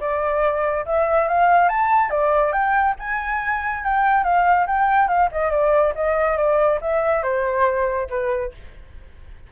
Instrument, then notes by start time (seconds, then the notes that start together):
flute
0.00 D5
0.85 E5
1.28 F5
1.69 A5
2.10 D5
2.52 G5
2.99 G#5
3.84 G5
4.24 F5
4.67 G5
5.08 F5
5.32 D#5
5.51 D5
5.95 D#5
6.37 D5
6.81 E5
7.22 C5
8.09 B4